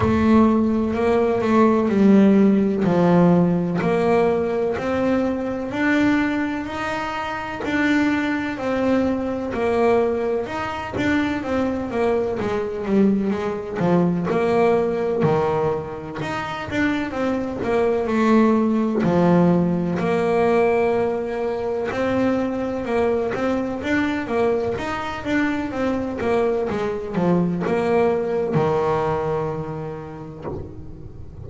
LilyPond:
\new Staff \with { instrumentName = "double bass" } { \time 4/4 \tempo 4 = 63 a4 ais8 a8 g4 f4 | ais4 c'4 d'4 dis'4 | d'4 c'4 ais4 dis'8 d'8 | c'8 ais8 gis8 g8 gis8 f8 ais4 |
dis4 dis'8 d'8 c'8 ais8 a4 | f4 ais2 c'4 | ais8 c'8 d'8 ais8 dis'8 d'8 c'8 ais8 | gis8 f8 ais4 dis2 | }